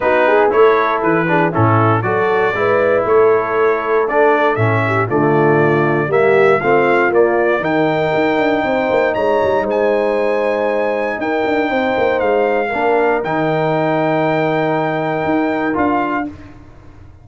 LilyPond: <<
  \new Staff \with { instrumentName = "trumpet" } { \time 4/4 \tempo 4 = 118 b'4 cis''4 b'4 a'4 | d''2 cis''2 | d''4 e''4 d''2 | e''4 f''4 d''4 g''4~ |
g''2 ais''4 gis''4~ | gis''2 g''2 | f''2 g''2~ | g''2. f''4 | }
  \new Staff \with { instrumentName = "horn" } { \time 4/4 fis'8 gis'8 a'4. gis'8 e'4 | a'4 b'4 a'2~ | a'4. g'8 f'2 | g'4 f'2 ais'4~ |
ais'4 c''4 cis''4 c''4~ | c''2 ais'4 c''4~ | c''4 ais'2.~ | ais'1 | }
  \new Staff \with { instrumentName = "trombone" } { \time 4/4 dis'4 e'4. d'8 cis'4 | fis'4 e'2. | d'4 cis'4 a2 | ais4 c'4 ais4 dis'4~ |
dis'1~ | dis'1~ | dis'4 d'4 dis'2~ | dis'2. f'4 | }
  \new Staff \with { instrumentName = "tuba" } { \time 4/4 b4 a4 e4 a,4 | fis4 gis4 a2~ | a4 a,4 d2 | g4 a4 ais4 dis4 |
dis'8 d'8 c'8 ais8 gis8 g8 gis4~ | gis2 dis'8 d'8 c'8 ais8 | gis4 ais4 dis2~ | dis2 dis'4 d'4 | }
>>